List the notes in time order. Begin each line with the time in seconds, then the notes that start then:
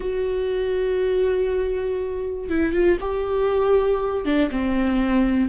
0.00 F#4
2.49 E4
2.73 F4
3.00 G4
4.25 D4
4.50 C4